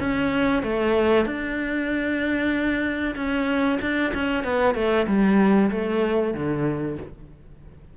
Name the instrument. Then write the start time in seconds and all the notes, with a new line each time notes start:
cello
0.00 C#4
0.63 A3
1.26 D4
3.16 C#4
3.82 D4
4.14 C#4
4.44 B3
4.75 A3
5.08 G3
5.71 A3
6.34 D3